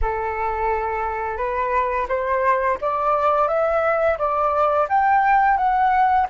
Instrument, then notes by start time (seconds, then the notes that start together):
flute
0.01 A4
1.37 B4
2.08 C5
2.81 D5
3.48 E5
4.18 D5
4.88 G5
5.57 F#5